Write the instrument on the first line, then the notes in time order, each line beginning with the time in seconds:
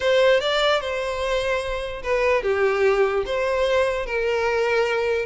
violin
0.00 C5
0.40 D5
0.81 C5
2.02 B4
2.43 G4
3.25 C5
4.05 A#4